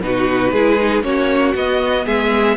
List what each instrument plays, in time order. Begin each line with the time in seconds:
0.00 cello B2, viola D#4, violin F#4 B4
0.51 cello G#3, viola E4, violin G#4
0.79 viola D#4
1.02 cello A#3, viola C#4, violin F#4 C#5
1.54 cello B3, viola B3, violin D#5
2.05 cello G#3, violin G#4 E5